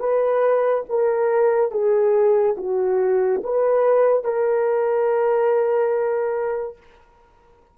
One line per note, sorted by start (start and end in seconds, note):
0.00 0.85 B4
0.90 1.72 A#4
1.72 2.56 G#4
2.58 3.42 F#4
3.44 4.24 B4
4.24 6.78 A#4